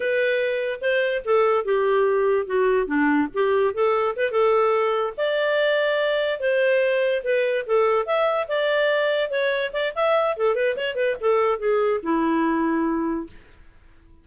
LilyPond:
\new Staff \with { instrumentName = "clarinet" } { \time 4/4 \tempo 4 = 145 b'2 c''4 a'4 | g'2 fis'4 d'4 | g'4 a'4 b'8 a'4.~ | a'8 d''2. c''8~ |
c''4. b'4 a'4 e''8~ | e''8 d''2 cis''4 d''8 | e''4 a'8 b'8 cis''8 b'8 a'4 | gis'4 e'2. | }